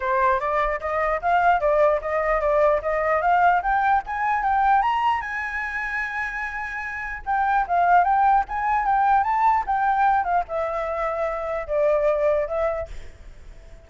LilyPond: \new Staff \with { instrumentName = "flute" } { \time 4/4 \tempo 4 = 149 c''4 d''4 dis''4 f''4 | d''4 dis''4 d''4 dis''4 | f''4 g''4 gis''4 g''4 | ais''4 gis''2.~ |
gis''2 g''4 f''4 | g''4 gis''4 g''4 a''4 | g''4. f''8 e''2~ | e''4 d''2 e''4 | }